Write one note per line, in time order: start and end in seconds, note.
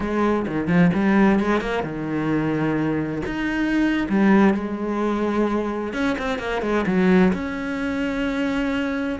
0.00 0.46 G#3
0.47 0.67 D#3
0.67 0.90 F3
0.94 1.39 G3
1.39 1.60 G#3
1.60 1.83 A#3
1.83 3.22 D#3
3.26 4.07 D#4
4.09 4.53 G3
4.53 5.93 G#3
5.93 6.16 C#4
6.18 6.38 C4
6.38 6.62 A#3
6.62 6.85 G#3
6.86 7.32 F#3
7.33 9.19 C#4